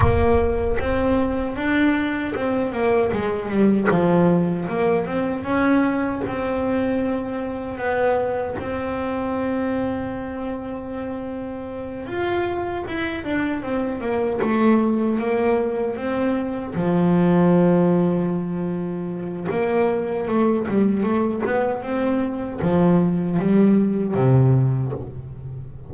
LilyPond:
\new Staff \with { instrumentName = "double bass" } { \time 4/4 \tempo 4 = 77 ais4 c'4 d'4 c'8 ais8 | gis8 g8 f4 ais8 c'8 cis'4 | c'2 b4 c'4~ | c'2.~ c'8 f'8~ |
f'8 e'8 d'8 c'8 ais8 a4 ais8~ | ais8 c'4 f2~ f8~ | f4 ais4 a8 g8 a8 b8 | c'4 f4 g4 c4 | }